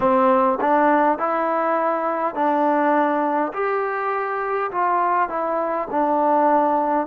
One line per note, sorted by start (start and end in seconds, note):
0.00 0.59 C4
0.60 1.18 D4
1.18 2.34 E4
2.34 3.52 D4
3.53 4.71 G4
4.71 5.29 F4
5.29 5.88 E4
5.90 7.06 D4